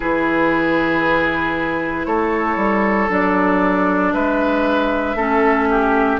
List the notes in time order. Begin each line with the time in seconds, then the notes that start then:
0.00 E3 E4 G#4 B4
2.05 A3 A4 C#5
2.56 G3
3.09 F#3 D4 D5
4.13 G#3 B4 E5
5.14 A3 C#4 A4
5.70 G4